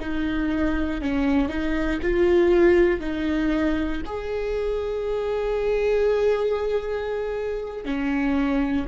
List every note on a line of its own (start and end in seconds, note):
0.00 1.02 D#4
1.02 1.49 C#4
1.49 2.00 D#4
2.02 3.00 F4
3.00 4.02 D#4
4.05 7.85 G#4
7.85 8.87 C#4